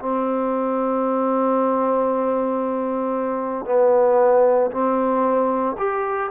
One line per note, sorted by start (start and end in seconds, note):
0.00 3.66 C4
3.66 4.71 B3
4.71 5.77 C4
5.78 6.31 G4